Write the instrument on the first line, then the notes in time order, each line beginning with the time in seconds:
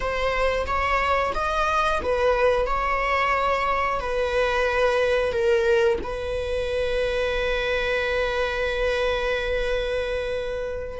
viola
0.00 C5
0.66 C#5
1.34 D#5
2.02 B4
2.66 C#5
3.99 B4
5.32 A#4
6.03 B4